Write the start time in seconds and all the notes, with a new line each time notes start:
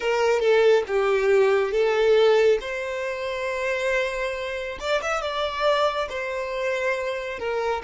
0.00 A#4
0.39 A4
0.87 G4
1.71 A4
2.60 C5
4.79 D5
5.02 E5
5.21 D5
6.09 C5
7.39 A#4